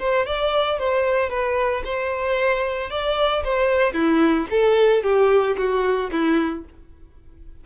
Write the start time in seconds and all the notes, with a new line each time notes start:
0.00 C5
0.27 D5
0.79 C5
1.30 B4
1.85 C5
2.91 D5
3.45 C5
3.94 E4
4.51 A4
5.04 G4
5.58 F#4
6.12 E4